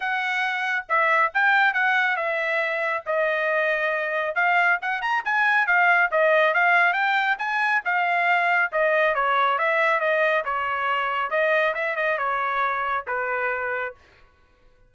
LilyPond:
\new Staff \with { instrumentName = "trumpet" } { \time 4/4 \tempo 4 = 138 fis''2 e''4 g''4 | fis''4 e''2 dis''4~ | dis''2 f''4 fis''8 ais''8 | gis''4 f''4 dis''4 f''4 |
g''4 gis''4 f''2 | dis''4 cis''4 e''4 dis''4 | cis''2 dis''4 e''8 dis''8 | cis''2 b'2 | }